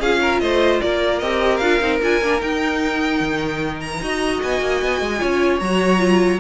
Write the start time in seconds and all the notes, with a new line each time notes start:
0.00 C#4 F4 G#4 F5
0.22 A#4
0.40 A3 C5 D#5
0.81 A#3 A#4 D5
1.19 C4 G4 D#5
1.57 D4 F4 F5
1.80 C4 D#4
2.03 D4 F4 G#5
2.21 A#3 D4
2.41 D#4 G5
3.20 D#3
3.80 A#5
4.02 D#4 F#4 D#5
4.43 B3 G#5
4.61 A#3
4.82 B3
5.01 G#3
5.19 C#4 F4 C#5
5.60 F#3 F#4 A#5
5.99 F4